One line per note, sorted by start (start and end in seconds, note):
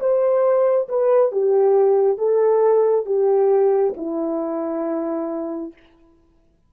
0.00 0.88 C5
0.89 1.32 B4
1.32 2.18 G4
2.18 3.06 A4
3.06 3.94 G4
3.97 5.73 E4